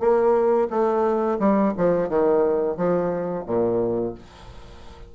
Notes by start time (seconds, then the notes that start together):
0.00 A#3
0.71 A3
1.39 G3
1.78 F3
2.09 D#3
2.77 F3
3.46 A#2